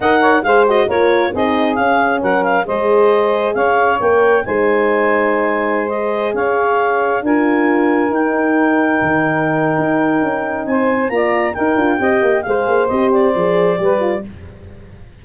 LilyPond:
<<
  \new Staff \with { instrumentName = "clarinet" } { \time 4/4 \tempo 4 = 135 fis''4 f''8 dis''8 cis''4 dis''4 | f''4 fis''8 f''8 dis''2 | f''4 g''4 gis''2~ | gis''4~ gis''16 dis''4 f''4.~ f''16~ |
f''16 gis''2 g''4.~ g''16~ | g''1 | gis''4 ais''4 g''2 | f''4 dis''8 d''2~ d''8 | }
  \new Staff \with { instrumentName = "saxophone" } { \time 4/4 dis''8 cis''8 c''4 ais'4 gis'4~ | gis'4 ais'4 c''2 | cis''2 c''2~ | c''2~ c''16 cis''4.~ cis''16~ |
cis''16 ais'2.~ ais'8.~ | ais'1 | c''4 d''4 ais'4 dis''4 | c''2. b'4 | }
  \new Staff \with { instrumentName = "horn" } { \time 4/4 ais'4 gis'8 fis'8 f'4 dis'4 | cis'2 gis'2~ | gis'4 ais'4 dis'2~ | dis'4~ dis'16 gis'2~ gis'8.~ |
gis'16 f'2 dis'4.~ dis'16~ | dis'1~ | dis'4 f'4 dis'8 f'8 g'4 | gis'4 g'4 gis'4 g'8 f'8 | }
  \new Staff \with { instrumentName = "tuba" } { \time 4/4 dis'4 gis4 ais4 c'4 | cis'4 fis4 gis2 | cis'4 ais4 gis2~ | gis2~ gis16 cis'4.~ cis'16~ |
cis'16 d'2 dis'4.~ dis'16~ | dis'16 dis4.~ dis16 dis'4 cis'4 | c'4 ais4 dis'8 d'8 c'8 ais8 | gis8 ais8 c'4 f4 g4 | }
>>